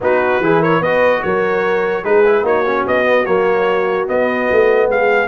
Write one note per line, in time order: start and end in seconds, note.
0.00 0.40 B3
0.00 0.42 D#4
0.00 0.43 F#4
0.00 0.62 B4
0.40 0.80 E3
0.40 0.83 E4
0.40 0.59 G#4
0.59 0.77 A#4
0.59 0.82 C#5
0.77 1.21 B3
0.77 1.18 B4
0.77 1.23 D#5
0.85 2.04 F#4
1.23 2.04 F#3
1.23 2.04 A#4
1.23 2.04 C#5
2.04 2.43 G#3
2.04 2.24 D#4
2.04 2.43 G#4
2.04 2.45 B4
2.25 2.44 E4
2.43 2.83 A#3
2.43 2.64 D#4
2.43 4.88 F#4
2.43 2.87 C#5
2.66 3.04 C#4
2.87 3.26 B3
2.87 3.25 D#5
3.04 3.25 B3
3.25 4.08 F#3
3.25 4.07 A#3
3.25 4.07 C#5
4.07 5.27 B3
4.07 4.49 B3
4.07 4.90 D#5
4.51 4.88 A3
4.88 5.27 G#3
4.88 5.27 G#4
4.88 5.27 F5